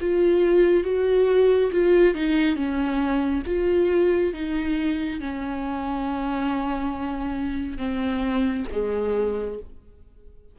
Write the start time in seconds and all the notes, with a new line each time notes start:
0.00 F4
0.84 F#4
1.72 F4
2.14 D#4
2.55 C#4
3.46 F4
4.33 D#4
5.20 C#4
7.78 C4
8.72 G#3